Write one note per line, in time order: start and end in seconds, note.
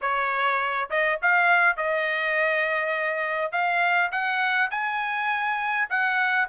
0.01 0.89 C#5
0.90 1.19 D#5
1.21 1.76 F5
1.76 3.52 D#5
3.52 4.10 F5
4.11 4.70 F#5
4.71 5.88 G#5
5.89 6.48 F#5